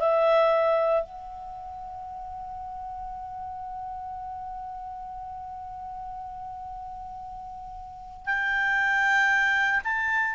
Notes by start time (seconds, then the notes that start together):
0.00 E5
1.03 F#5
8.26 G5
9.84 A5